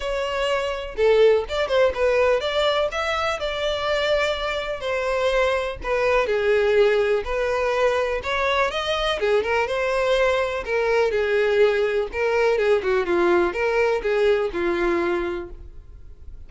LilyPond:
\new Staff \with { instrumentName = "violin" } { \time 4/4 \tempo 4 = 124 cis''2 a'4 d''8 c''8 | b'4 d''4 e''4 d''4~ | d''2 c''2 | b'4 gis'2 b'4~ |
b'4 cis''4 dis''4 gis'8 ais'8 | c''2 ais'4 gis'4~ | gis'4 ais'4 gis'8 fis'8 f'4 | ais'4 gis'4 f'2 | }